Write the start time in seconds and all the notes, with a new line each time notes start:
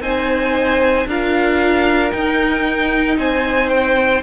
0.00 C4 D#4 C5 G#5
1.06 D4 F4 A#4 F5
2.11 D#4 G5
3.17 C4 C5 G#5
3.69 G5